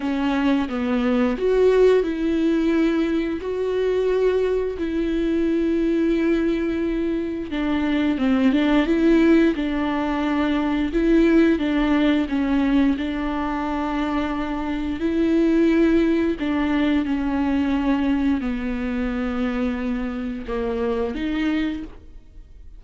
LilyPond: \new Staff \with { instrumentName = "viola" } { \time 4/4 \tempo 4 = 88 cis'4 b4 fis'4 e'4~ | e'4 fis'2 e'4~ | e'2. d'4 | c'8 d'8 e'4 d'2 |
e'4 d'4 cis'4 d'4~ | d'2 e'2 | d'4 cis'2 b4~ | b2 ais4 dis'4 | }